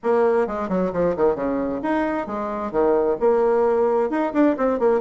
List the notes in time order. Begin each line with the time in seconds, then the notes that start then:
0.03 A#3
0.47 G#3
0.69 F#3
0.92 F3
1.16 D#3
1.35 C#3
1.82 D#4
2.26 G#3
2.71 D#3
3.20 A#3
4.10 D#4
4.33 D4
4.57 C4
4.79 A#3